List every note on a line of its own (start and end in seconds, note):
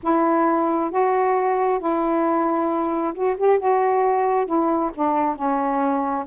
0.02 0.90 E4
0.90 1.79 F#4
1.79 3.13 E4
3.13 3.36 F#4
3.37 3.59 G4
3.59 4.46 F#4
4.46 4.91 E4
4.94 5.35 D4
5.35 6.25 C#4